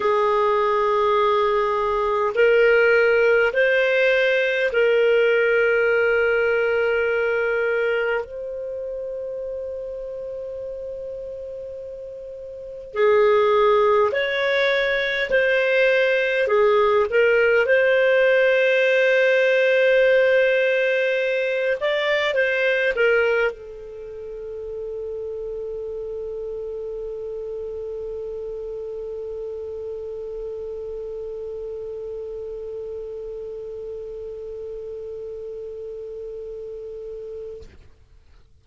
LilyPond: \new Staff \with { instrumentName = "clarinet" } { \time 4/4 \tempo 4 = 51 gis'2 ais'4 c''4 | ais'2. c''4~ | c''2. gis'4 | cis''4 c''4 gis'8 ais'8 c''4~ |
c''2~ c''8 d''8 c''8 ais'8 | a'1~ | a'1~ | a'1 | }